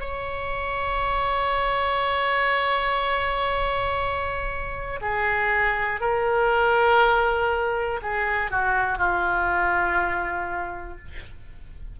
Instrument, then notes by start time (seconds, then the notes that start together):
oboe
0.00 C#5
5.01 G#4
6.00 A#4
8.01 G#4
8.50 F#4
8.97 F4